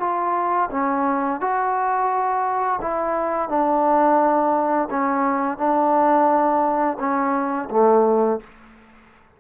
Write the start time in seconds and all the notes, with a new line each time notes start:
0.00 F4
0.71 C#4
1.40 F#4
2.82 E4
3.49 D4
4.90 C#4
5.58 D4
7.00 C#4
7.71 A3